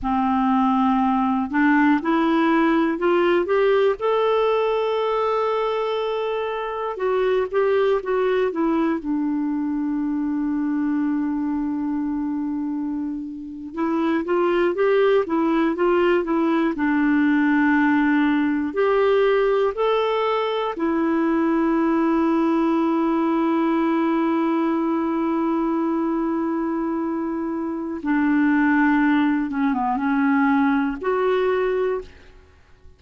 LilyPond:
\new Staff \with { instrumentName = "clarinet" } { \time 4/4 \tempo 4 = 60 c'4. d'8 e'4 f'8 g'8 | a'2. fis'8 g'8 | fis'8 e'8 d'2.~ | d'4.~ d'16 e'8 f'8 g'8 e'8 f'16~ |
f'16 e'8 d'2 g'4 a'16~ | a'8. e'2.~ e'16~ | e'1 | d'4. cis'16 b16 cis'4 fis'4 | }